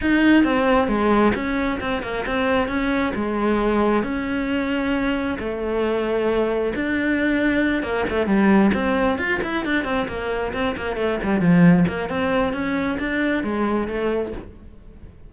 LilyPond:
\new Staff \with { instrumentName = "cello" } { \time 4/4 \tempo 4 = 134 dis'4 c'4 gis4 cis'4 | c'8 ais8 c'4 cis'4 gis4~ | gis4 cis'2. | a2. d'4~ |
d'4. ais8 a8 g4 c'8~ | c'8 f'8 e'8 d'8 c'8 ais4 c'8 | ais8 a8 g8 f4 ais8 c'4 | cis'4 d'4 gis4 a4 | }